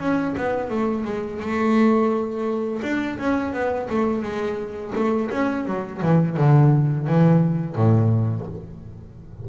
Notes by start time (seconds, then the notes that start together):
0.00 C#4
0.38 B3
0.71 A3
1.05 G#3
1.41 A3
2.83 D4
3.20 C#4
3.54 B3
3.90 A3
4.23 G#3
4.96 A3
5.31 C#4
5.66 F#3
6.03 E3
6.37 D3
7.08 E3
7.76 A2